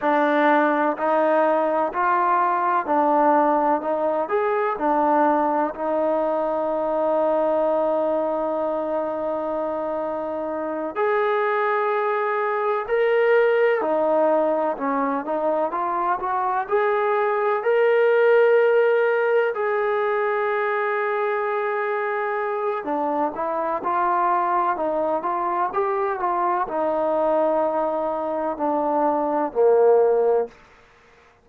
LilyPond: \new Staff \with { instrumentName = "trombone" } { \time 4/4 \tempo 4 = 63 d'4 dis'4 f'4 d'4 | dis'8 gis'8 d'4 dis'2~ | dis'2.~ dis'8 gis'8~ | gis'4. ais'4 dis'4 cis'8 |
dis'8 f'8 fis'8 gis'4 ais'4.~ | ais'8 gis'2.~ gis'8 | d'8 e'8 f'4 dis'8 f'8 g'8 f'8 | dis'2 d'4 ais4 | }